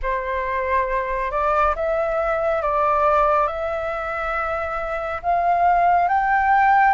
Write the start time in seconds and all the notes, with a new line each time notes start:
0.02 C5
1.31 D5
1.75 E5
2.62 D5
3.47 E5
5.22 F5
6.08 G5